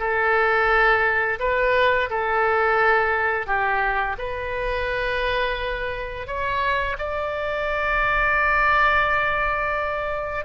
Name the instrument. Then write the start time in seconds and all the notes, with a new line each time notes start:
oboe
0.00 A4
1.40 B4
2.10 A4
3.47 G4
4.19 B4
6.27 C#5
6.99 D5